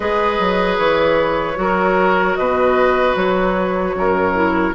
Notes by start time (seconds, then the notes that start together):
0.00 G#3 G#4 B4 D#5
0.39 F#3
0.77 E3 C#5
1.55 F#3 F#4 A#4
2.35 B2 B4 D#5
3.15 F#3 C#5
3.95 F#2 A#4
4.34 E4